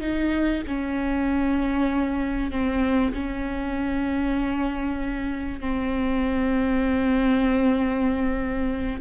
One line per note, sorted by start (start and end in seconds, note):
0.00 0.62 D#4
0.67 2.51 C#4
2.51 3.13 C4
3.13 5.60 C#4
5.60 9.00 C4